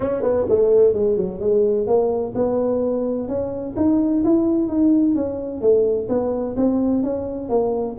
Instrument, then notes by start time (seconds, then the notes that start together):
tuba
0.00 C#4
0.22 B3
0.49 A3
0.93 G#3
1.16 F#3
1.40 G#3
1.86 A#3
2.35 B3
3.28 C#4
3.76 D#4
4.24 E4
4.68 D#4
5.15 C#4
5.61 A3
6.08 B3
6.56 C4
7.03 C#4
7.49 A#3